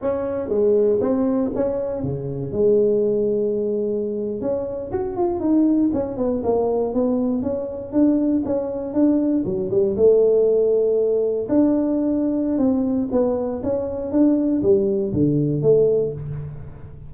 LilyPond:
\new Staff \with { instrumentName = "tuba" } { \time 4/4 \tempo 4 = 119 cis'4 gis4 c'4 cis'4 | cis4 gis2.~ | gis8. cis'4 fis'8 f'8 dis'4 cis'16~ | cis'16 b8 ais4 b4 cis'4 d'16~ |
d'8. cis'4 d'4 fis8 g8 a16~ | a2~ a8. d'4~ d'16~ | d'4 c'4 b4 cis'4 | d'4 g4 d4 a4 | }